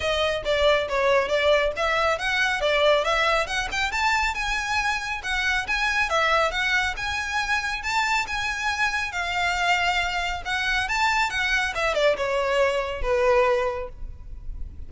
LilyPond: \new Staff \with { instrumentName = "violin" } { \time 4/4 \tempo 4 = 138 dis''4 d''4 cis''4 d''4 | e''4 fis''4 d''4 e''4 | fis''8 g''8 a''4 gis''2 | fis''4 gis''4 e''4 fis''4 |
gis''2 a''4 gis''4~ | gis''4 f''2. | fis''4 a''4 fis''4 e''8 d''8 | cis''2 b'2 | }